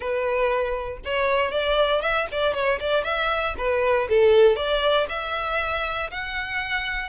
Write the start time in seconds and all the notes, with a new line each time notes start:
0.00 B4
1.04 C#5
1.51 D5
2.01 E5
2.31 D5
2.54 C#5
2.79 D5
3.03 E5
3.57 B4
4.09 A4
4.56 D5
5.08 E5
6.11 F#5